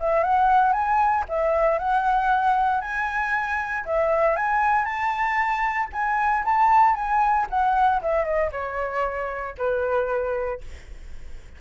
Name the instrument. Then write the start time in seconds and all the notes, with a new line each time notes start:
flute
0.00 E5
0.24 F#5
0.73 G#5
1.29 E5
1.79 F#5
2.81 G#5
3.86 E5
4.37 G#5
4.86 A5
5.93 G#5
6.45 A5
6.95 G#5
7.50 F#5
8.02 E5
8.25 D#5
8.52 C#5
9.58 B4